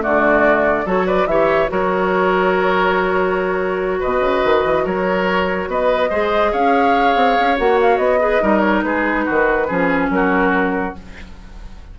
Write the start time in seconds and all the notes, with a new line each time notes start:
0.00 D3 A3 F#4 D5
0.85 F#3 F#4 A4 C#5
1.06 B4 D5
1.26 E3 G4 C#5 E5
1.68 F#3 F#4 A#4 C#5
4.00 B2 B4 D#5
4.20 C#3
4.44 D#3
4.65 E3
4.85 F#3 A#4 C#5
5.68 B3 B4 D#5
6.10 G#3 G#4 C5
6.52 C#4 C#5 F5
7.15 C4
7.40 C#4
7.57 A#3 F#4 F#5
7.81 F5
7.97 B3 D#5
8.20 G#4 B4
8.41 G3 D#4 A#4
8.60 C#5
8.83 G#3 G#4 B4
9.25 D#3 F#4
9.67 F3 C#4 G#4
10.10 F#3 F#4 A#4